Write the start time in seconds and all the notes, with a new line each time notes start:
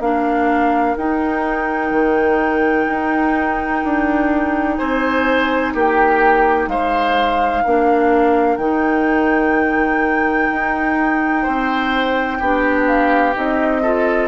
0.00 A#3 D4 A#4 F5
0.97 D#4 G5
1.91 D#3
2.88 D#4
3.84 D4
4.77 C4 C5 G#5
5.74 A#3 G4 G5
6.67 G#3 C5 F5
7.64 A#3 D4 A#4
8.57 D#3 D#4 G5
10.51 D#4
11.42 C4 C5
12.40 B3 D4 G4
12.87 F5
13.35 C4 D#4 D#5
13.82 F4 A4